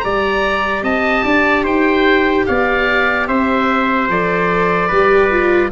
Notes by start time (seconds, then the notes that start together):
0.00 G3 G4 D5 A#5
0.83 C4 D#5 A5
1.24 D4 D5
1.64 D#4 C5 G5
2.46 B3 D5 F5
3.28 C4 C5 E5
4.09 F3 A4 D5
4.88 G3 G4 B4
5.31 F4